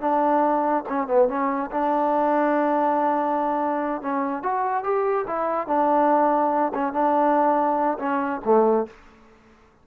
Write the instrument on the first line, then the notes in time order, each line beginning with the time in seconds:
trombone
0.00 D4
0.89 C#4
1.07 B3
1.28 C#4
1.71 D4
4.01 C#4
4.42 F#4
4.83 G4
5.27 E4
5.67 D4
6.74 C#4
6.93 D4
7.99 C#4
8.45 A3